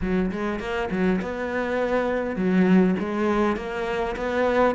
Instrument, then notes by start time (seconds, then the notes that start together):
cello
0.01 F#3
0.31 G#3
0.59 A#3
0.90 F#3
1.21 B3
2.35 F#3
2.99 G#3
3.56 A#3
4.16 B3